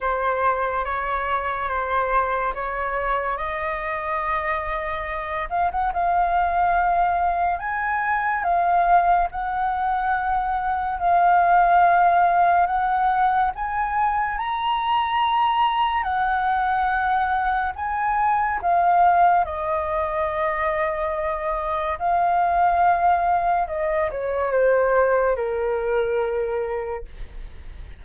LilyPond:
\new Staff \with { instrumentName = "flute" } { \time 4/4 \tempo 4 = 71 c''4 cis''4 c''4 cis''4 | dis''2~ dis''8 f''16 fis''16 f''4~ | f''4 gis''4 f''4 fis''4~ | fis''4 f''2 fis''4 |
gis''4 ais''2 fis''4~ | fis''4 gis''4 f''4 dis''4~ | dis''2 f''2 | dis''8 cis''8 c''4 ais'2 | }